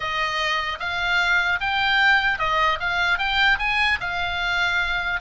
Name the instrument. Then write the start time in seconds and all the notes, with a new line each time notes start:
oboe
0.00 D#5
0.79 F5
1.60 G5
2.39 D#5
2.80 F5
3.18 G5
3.58 G#5
4.00 F5